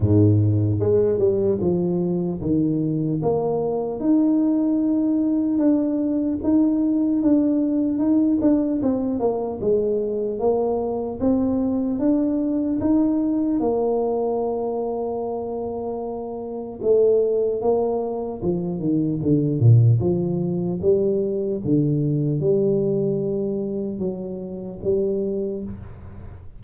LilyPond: \new Staff \with { instrumentName = "tuba" } { \time 4/4 \tempo 4 = 75 gis,4 gis8 g8 f4 dis4 | ais4 dis'2 d'4 | dis'4 d'4 dis'8 d'8 c'8 ais8 | gis4 ais4 c'4 d'4 |
dis'4 ais2.~ | ais4 a4 ais4 f8 dis8 | d8 ais,8 f4 g4 d4 | g2 fis4 g4 | }